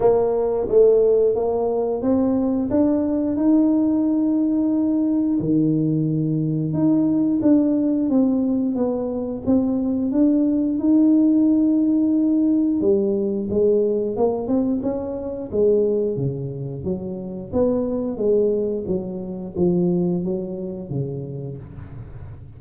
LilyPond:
\new Staff \with { instrumentName = "tuba" } { \time 4/4 \tempo 4 = 89 ais4 a4 ais4 c'4 | d'4 dis'2. | dis2 dis'4 d'4 | c'4 b4 c'4 d'4 |
dis'2. g4 | gis4 ais8 c'8 cis'4 gis4 | cis4 fis4 b4 gis4 | fis4 f4 fis4 cis4 | }